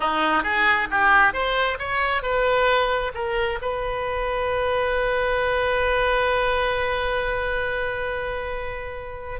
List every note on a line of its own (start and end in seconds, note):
0.00 0.43 D#4
0.43 0.88 G#4
0.90 1.33 G4
1.33 1.77 C5
1.78 2.22 C#5
2.22 3.11 B4
3.14 3.59 A#4
3.61 9.40 B4